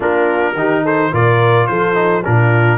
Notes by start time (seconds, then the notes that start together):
0.00 A#3 D4 F4 A#4
0.54 D#3 D#4 G4
0.83 A4 C5
1.12 A#2 F4 A#4 D5
1.66 F3 A4 C5
1.94 D#4
2.24 A#2 D4 F4 A#4